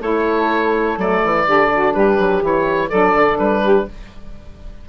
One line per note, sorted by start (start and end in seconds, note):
0.00 0.98 A3
0.00 0.97 E4
0.00 1.45 A4
0.00 0.99 C#5
0.97 1.22 F#3
0.97 1.45 A3
0.97 1.94 D5
1.24 1.47 E3
1.46 1.95 D3
1.46 2.41 D4
1.46 1.70 G4
1.74 1.95 F#4
1.94 2.19 G3
1.94 2.89 G4
1.94 2.42 B4
2.19 2.42 F#3
2.41 2.91 E3
2.41 2.90 E4
2.41 2.90 C#5
2.89 3.15 F#3
2.89 3.89 D4
2.89 3.62 A4
2.89 3.38 D5
3.15 3.39 D3
3.39 3.87 G3
3.39 3.87 B4
3.64 3.88 G4